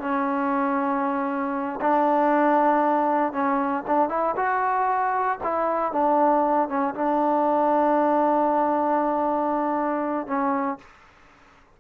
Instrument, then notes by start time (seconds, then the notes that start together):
trombone
0.00 C#4
1.81 D4
3.32 C#4
3.87 D4
4.09 E4
4.36 F#4
5.43 E4
5.92 D4
6.69 C#4
6.94 D4
10.27 C#4